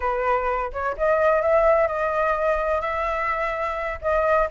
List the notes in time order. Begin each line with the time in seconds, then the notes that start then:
0.00 B4
0.72 C#5
0.97 D#5
1.42 E5
1.87 D#5
2.81 E5
4.01 D#5